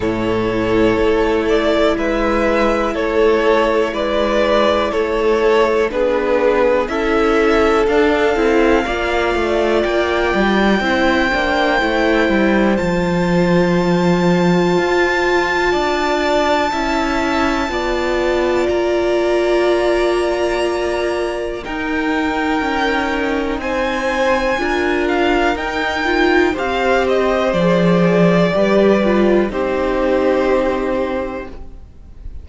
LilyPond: <<
  \new Staff \with { instrumentName = "violin" } { \time 4/4 \tempo 4 = 61 cis''4. d''8 e''4 cis''4 | d''4 cis''4 b'4 e''4 | f''2 g''2~ | g''4 a''2.~ |
a''2. ais''4~ | ais''2 g''2 | gis''4. f''8 g''4 f''8 dis''8 | d''2 c''2 | }
  \new Staff \with { instrumentName = "violin" } { \time 4/4 a'2 b'4 a'4 | b'4 a'4 gis'4 a'4~ | a'4 d''2 c''4~ | c''1 |
d''4 e''4 d''2~ | d''2 ais'2 | c''4 ais'2 c''4~ | c''4 b'4 g'2 | }
  \new Staff \with { instrumentName = "viola" } { \time 4/4 e'1~ | e'2 d'4 e'4 | d'8 e'8 f'2 e'8 d'8 | e'4 f'2.~ |
f'4 e'4 f'2~ | f'2 dis'2~ | dis'4 f'4 dis'8 f'8 g'4 | gis'4 g'8 f'8 dis'2 | }
  \new Staff \with { instrumentName = "cello" } { \time 4/4 a,4 a4 gis4 a4 | gis4 a4 b4 cis'4 | d'8 c'8 ais8 a8 ais8 g8 c'8 ais8 | a8 g8 f2 f'4 |
d'4 cis'4 b4 ais4~ | ais2 dis'4 cis'4 | c'4 d'4 dis'4 c'4 | f4 g4 c'2 | }
>>